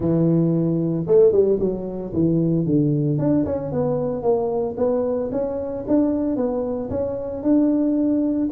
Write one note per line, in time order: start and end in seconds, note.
0.00 1.05 E3
1.07 1.32 A3
1.32 1.58 G3
1.59 2.12 F#3
2.13 2.65 E3
2.65 3.18 D3
3.18 3.44 D4
3.45 3.72 C#4
3.72 4.22 B3
4.22 4.75 A#3
4.77 5.30 B3
5.31 5.84 C#4
5.87 6.36 D4
6.36 6.89 B3
6.90 7.42 C#4
7.42 8.48 D4